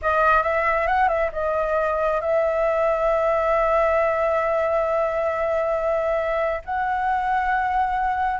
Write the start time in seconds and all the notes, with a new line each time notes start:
0.01 D#5
0.43 E5
0.87 F#5
1.08 E5
1.32 D#5
2.21 E5
6.65 F#5